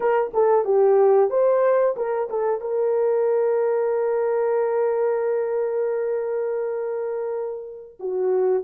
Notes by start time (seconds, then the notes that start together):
0.00 A#4
0.33 A4
0.64 G4
1.30 C5
1.96 A#4
2.29 A4
2.60 A#4
7.99 F#4